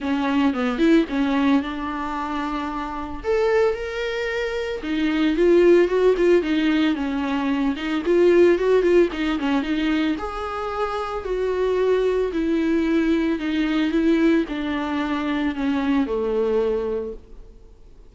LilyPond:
\new Staff \with { instrumentName = "viola" } { \time 4/4 \tempo 4 = 112 cis'4 b8 e'8 cis'4 d'4~ | d'2 a'4 ais'4~ | ais'4 dis'4 f'4 fis'8 f'8 | dis'4 cis'4. dis'8 f'4 |
fis'8 f'8 dis'8 cis'8 dis'4 gis'4~ | gis'4 fis'2 e'4~ | e'4 dis'4 e'4 d'4~ | d'4 cis'4 a2 | }